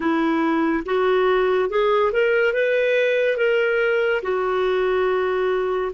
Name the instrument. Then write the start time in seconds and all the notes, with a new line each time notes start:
clarinet
0.00 E4
0.85 F#4
1.69 G#4
2.12 A#4
2.53 B4
3.36 A#4
4.22 F#4